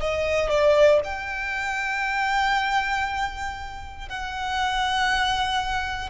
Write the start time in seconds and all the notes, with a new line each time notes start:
0.00 D#5
0.50 D5
1.04 G5
4.09 F#5